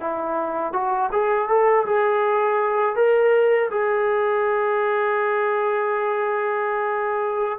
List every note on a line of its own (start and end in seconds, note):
0.00 0.72 E4
0.72 1.09 F#4
1.11 1.48 G#4
1.48 1.85 A4
1.86 2.95 G#4
2.95 3.69 A#4
3.70 7.59 G#4